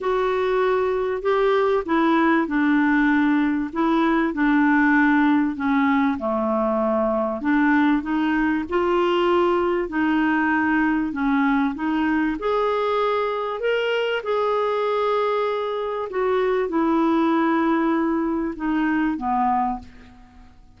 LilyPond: \new Staff \with { instrumentName = "clarinet" } { \time 4/4 \tempo 4 = 97 fis'2 g'4 e'4 | d'2 e'4 d'4~ | d'4 cis'4 a2 | d'4 dis'4 f'2 |
dis'2 cis'4 dis'4 | gis'2 ais'4 gis'4~ | gis'2 fis'4 e'4~ | e'2 dis'4 b4 | }